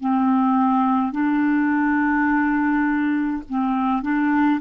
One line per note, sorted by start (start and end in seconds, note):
0.00 1.12 C4
1.12 3.42 D4
3.49 4.02 C4
4.02 4.60 D4